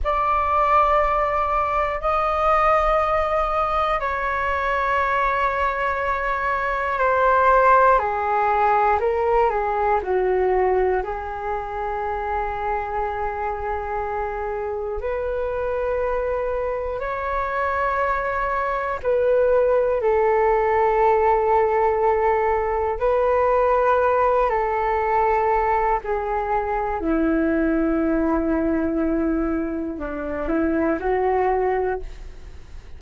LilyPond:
\new Staff \with { instrumentName = "flute" } { \time 4/4 \tempo 4 = 60 d''2 dis''2 | cis''2. c''4 | gis'4 ais'8 gis'8 fis'4 gis'4~ | gis'2. b'4~ |
b'4 cis''2 b'4 | a'2. b'4~ | b'8 a'4. gis'4 e'4~ | e'2 d'8 e'8 fis'4 | }